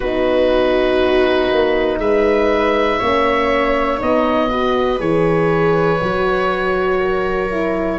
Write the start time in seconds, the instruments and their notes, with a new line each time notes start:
0.00 tuba B3, horn D#4, viola F#4, oboe B4
1.51 tuba A#3
1.98 tuba G#3, viola B4, oboe E5
2.98 tuba A#3, horn C#4, viola C#5
3.98 tuba B3, horn D#4, oboe D#5
4.49 horn F#4, viola B4
4.99 tuba E3, horn G#4, oboe C#5
6.01 tuba F#3, horn F#4
6.99 viola A#4
7.50 horn E4